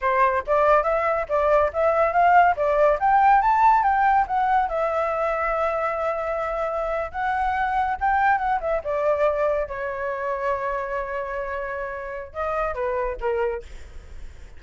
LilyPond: \new Staff \with { instrumentName = "flute" } { \time 4/4 \tempo 4 = 141 c''4 d''4 e''4 d''4 | e''4 f''4 d''4 g''4 | a''4 g''4 fis''4 e''4~ | e''1~ |
e''8. fis''2 g''4 fis''16~ | fis''16 e''8 d''2 cis''4~ cis''16~ | cis''1~ | cis''4 dis''4 b'4 ais'4 | }